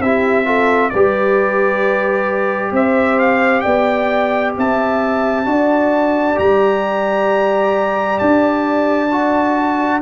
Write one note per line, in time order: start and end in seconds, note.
0.00 0.91 C4
0.00 0.45 E4
0.00 0.46 G4
0.00 0.90 E5
0.45 0.91 F4
0.45 0.91 A4
0.90 2.72 G3
0.90 5.45 G4
0.90 2.73 B4
0.90 2.72 D5
2.72 3.63 C4
2.72 3.63 C5
2.72 3.19 E5
3.19 3.61 F5
3.61 4.56 B3
3.61 4.54 D5
3.61 4.52 G5
4.58 5.46 C4
4.58 5.48 E5
4.58 6.39 A5
5.45 6.37 D4
5.45 6.35 F#4
5.45 10.02 D5
6.35 8.20 G3
6.35 9.08 G4
6.35 8.19 A#5
8.19 10.02 D4
8.19 10.00 A5
9.11 10.02 F#4